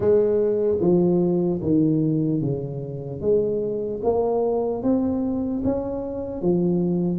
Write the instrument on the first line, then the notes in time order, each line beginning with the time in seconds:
tuba
0.00 G#3
0.80 F3
1.61 D#3
2.41 C#3
3.20 G#3
4.03 A#3
4.83 C4
5.64 C#4
6.41 F3